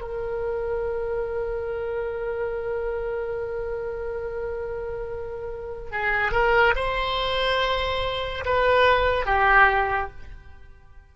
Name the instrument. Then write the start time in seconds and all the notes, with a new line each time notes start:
oboe
0.00 A#4
5.91 G#4
6.31 A#4
6.75 C5
8.45 B4
9.25 G4